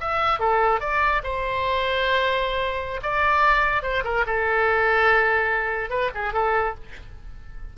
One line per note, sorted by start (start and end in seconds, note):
0.00 0.39 E5
0.39 0.80 A4
0.80 1.22 D5
1.23 3.00 C5
3.02 3.82 D5
3.82 4.03 C5
4.04 4.25 A#4
4.26 5.90 A4
5.90 6.10 B4
6.14 6.33 G#4
6.33 6.74 A4